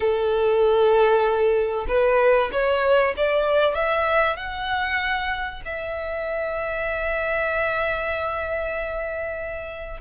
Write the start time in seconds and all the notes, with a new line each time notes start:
0.00 A4
1.88 B4
2.52 C#5
3.16 D5
3.74 E5
4.36 F#5
5.65 E5